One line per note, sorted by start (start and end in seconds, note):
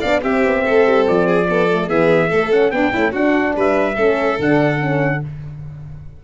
0.00 0.23 B3
0.00 0.21 D4
0.00 0.21 D5
0.00 0.22 F5
0.21 1.46 C4
0.21 0.44 C4
0.21 0.64 G4
0.21 1.07 E5
0.44 0.65 B3
0.64 0.86 A3
0.64 1.27 A4
0.86 1.07 G3
1.08 1.89 F3
1.08 1.89 D5
1.27 1.48 G#4
1.49 1.70 B3
1.49 1.89 A4
1.70 1.88 A3
1.88 2.31 E3
1.88 2.30 B3
1.88 2.29 G#4
1.88 2.52 E5
2.29 2.51 A3
2.29 2.71 A3
2.29 2.71 A4
2.51 2.72 C#4
2.51 2.71 F#5
2.71 2.92 B3
2.71 2.93 B3
2.71 2.93 D4
2.71 3.13 G5
2.93 3.13 A3
2.93 3.14 C#4
2.93 3.12 E4
3.12 3.96 D4
3.12 3.56 D4
3.12 3.54 F#4
3.12 3.56 F#5
3.56 3.96 G3
3.56 3.95 B4
3.56 4.41 E5
3.95 4.38 A3
3.95 4.40 C#4
3.95 5.20 A4
4.39 5.22 D3
4.39 4.80 D4
4.39 5.24 F#5
4.80 5.21 C#4